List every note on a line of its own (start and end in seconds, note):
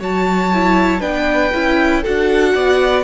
0.00 1.02 F#3
0.00 0.51 F#4
0.00 1.01 C#5
0.00 1.01 A5
0.54 1.01 E4
1.01 1.53 B3
1.01 1.51 D4
1.01 2.02 B4
1.01 2.03 G5
1.54 2.04 C#4
1.54 2.05 E4
2.02 2.55 D4
2.02 3.04 F#4
2.02 2.53 A4
2.02 3.04 F#5
2.55 3.04 B3
2.55 3.04 D5